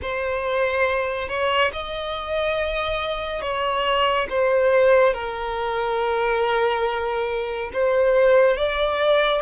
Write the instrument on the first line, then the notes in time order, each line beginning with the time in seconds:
violin
0.02 C5
1.28 C#5
1.72 D#5
3.41 C#5
4.29 C5
5.13 A#4
7.73 C5
8.56 D5